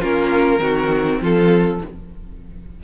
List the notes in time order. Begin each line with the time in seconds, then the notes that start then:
0.00 A#3 C#4 F4 A#4
0.59 D#3 C4 F#4
1.22 F3 F4 A4